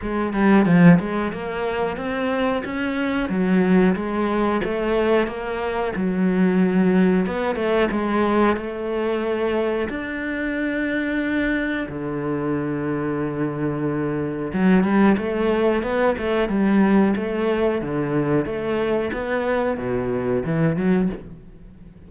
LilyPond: \new Staff \with { instrumentName = "cello" } { \time 4/4 \tempo 4 = 91 gis8 g8 f8 gis8 ais4 c'4 | cis'4 fis4 gis4 a4 | ais4 fis2 b8 a8 | gis4 a2 d'4~ |
d'2 d2~ | d2 fis8 g8 a4 | b8 a8 g4 a4 d4 | a4 b4 b,4 e8 fis8 | }